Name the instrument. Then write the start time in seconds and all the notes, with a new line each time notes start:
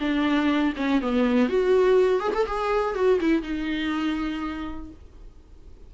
viola
0.00 D4
0.77 C#4
1.02 B3
1.50 F#4
2.20 G#4
2.35 A4
2.47 G#4
2.95 F#4
3.21 E4
3.43 D#4